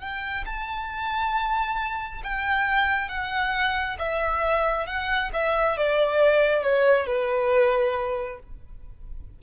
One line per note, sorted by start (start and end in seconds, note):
0.00 0.44 G5
0.45 2.22 A5
2.23 3.08 G5
3.08 3.97 F#5
3.99 4.86 E5
4.86 5.30 F#5
5.33 5.77 E5
5.77 6.63 D5
6.63 7.06 C#5
7.06 8.39 B4